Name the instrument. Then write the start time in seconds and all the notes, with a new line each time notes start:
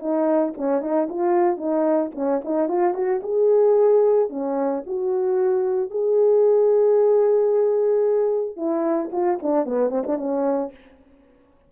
horn
0.00 D#4
0.58 C#4
0.82 D#4
1.10 F4
1.58 D#4
2.15 C#4
2.45 D#4
2.69 F4
2.94 F#4
3.23 G#4
4.30 C#4
4.87 F#4
5.91 G#4
8.57 E4
9.13 F4
9.43 D4
9.66 B3
9.90 C4
10.07 D4
10.18 C#4